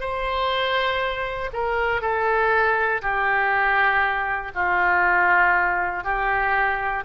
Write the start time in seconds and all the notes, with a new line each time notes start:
0.00 C5
1.53 A#4
2.01 A4
3.02 G4
4.55 F4
6.04 G4